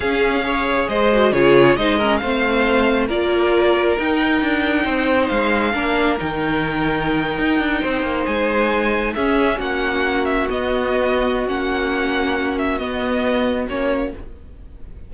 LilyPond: <<
  \new Staff \with { instrumentName = "violin" } { \time 4/4 \tempo 4 = 136 f''2 dis''4 cis''4 | dis''4 f''2 d''4~ | d''4 g''2. | f''2 g''2~ |
g''2~ g''8. gis''4~ gis''16~ | gis''8. e''4 fis''4. e''8 dis''16~ | dis''2 fis''2~ | fis''8 e''8 dis''2 cis''4 | }
  \new Staff \with { instrumentName = "violin" } { \time 4/4 gis'4 cis''4 c''4 gis'4 | c''8 ais'8 c''2 ais'4~ | ais'2. c''4~ | c''4 ais'2.~ |
ais'4.~ ais'16 c''2~ c''16~ | c''8. gis'4 fis'2~ fis'16~ | fis'1~ | fis'1 | }
  \new Staff \with { instrumentName = "viola" } { \time 4/4 cis'4 gis'4. fis'8 f'4 | dis'8 cis'8 c'2 f'4~ | f'4 dis'2.~ | dis'4 d'4 dis'2~ |
dis'1~ | dis'8. cis'2. b16~ | b2 cis'2~ | cis'4 b2 cis'4 | }
  \new Staff \with { instrumentName = "cello" } { \time 4/4 cis'2 gis4 cis4 | gis4 a2 ais4~ | ais4 dis'4 d'4 c'4 | gis4 ais4 dis2~ |
dis8. dis'8 d'8 c'8 ais8 gis4~ gis16~ | gis8. cis'4 ais2 b16~ | b2 ais2~ | ais4 b2 ais4 | }
>>